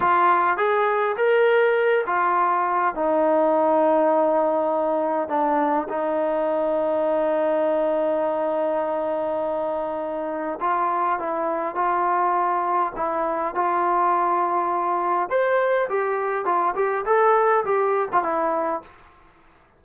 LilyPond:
\new Staff \with { instrumentName = "trombone" } { \time 4/4 \tempo 4 = 102 f'4 gis'4 ais'4. f'8~ | f'4 dis'2.~ | dis'4 d'4 dis'2~ | dis'1~ |
dis'2 f'4 e'4 | f'2 e'4 f'4~ | f'2 c''4 g'4 | f'8 g'8 a'4 g'8. f'16 e'4 | }